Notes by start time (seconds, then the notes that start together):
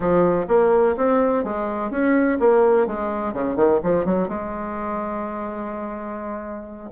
0.00 F3
0.48 A#3
0.97 C4
1.44 G#3
1.90 C#4
2.39 A#3
2.86 G#3
3.33 C#3
3.55 D#3
3.83 F3
4.05 F#3
4.28 G#3